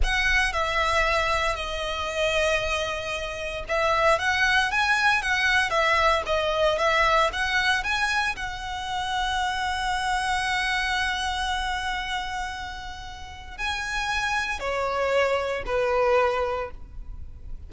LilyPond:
\new Staff \with { instrumentName = "violin" } { \time 4/4 \tempo 4 = 115 fis''4 e''2 dis''4~ | dis''2. e''4 | fis''4 gis''4 fis''4 e''4 | dis''4 e''4 fis''4 gis''4 |
fis''1~ | fis''1~ | fis''2 gis''2 | cis''2 b'2 | }